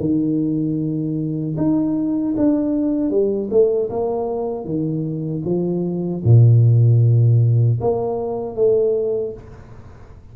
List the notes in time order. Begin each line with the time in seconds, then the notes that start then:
0.00 D#3
1.57 D#4
2.37 D4
3.10 G3
3.51 A3
3.90 A#3
4.65 D#3
5.45 F3
6.24 A#2
7.81 A#3
8.56 A3